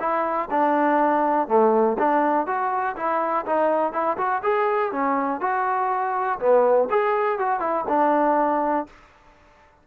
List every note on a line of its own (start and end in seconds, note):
0.00 0.49 E4
0.51 1.48 D4
1.48 1.97 A3
1.99 2.47 D4
2.47 2.96 F#4
2.96 3.46 E4
3.46 3.93 D#4
3.93 4.17 E4
4.18 4.42 F#4
4.44 4.92 G#4
4.92 5.41 C#4
5.41 6.39 F#4
6.40 6.89 B3
6.90 7.39 G#4
7.39 7.60 F#4
7.60 7.85 E4
7.88 8.87 D4